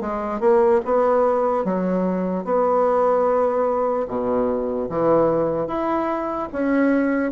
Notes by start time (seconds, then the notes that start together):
0.00 G#3
0.40 A#3
0.85 B3
1.64 F#3
2.44 B3
4.07 B2
4.89 E3
5.67 E4
6.52 C#4